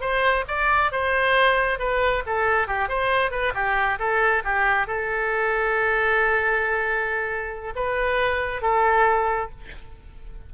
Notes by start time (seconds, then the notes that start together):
0.00 C5
0.47 D5
0.91 C5
1.79 B4
2.26 A4
2.67 G4
2.88 C5
3.30 B4
3.54 G4
3.98 A4
4.44 G4
4.86 A4
7.75 B4
8.61 A4